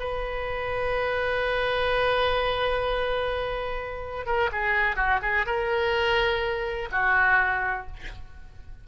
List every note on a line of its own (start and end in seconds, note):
0.00 4.26 B4
4.26 4.50 A#4
4.52 4.96 G#4
4.96 5.20 F#4
5.22 5.46 G#4
5.46 6.89 A#4
6.92 7.87 F#4